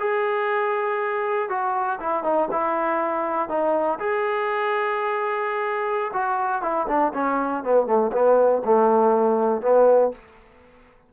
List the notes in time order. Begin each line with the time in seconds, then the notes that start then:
0.00 G#4
1.49 F#4
2.00 E4
2.24 D#4
2.51 E4
3.49 D#4
3.99 G#4
6.13 F#4
6.62 E4
6.88 D4
7.14 C#4
7.64 B3
7.86 A3
8.12 B3
8.65 A3
9.62 B3